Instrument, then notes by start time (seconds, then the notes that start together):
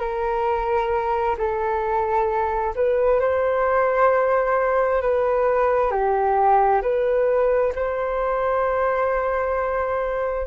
flute
0.00 A#4
1.38 A4
2.76 B4
3.21 C5
5.02 B4
5.91 G4
6.82 B4
7.76 C5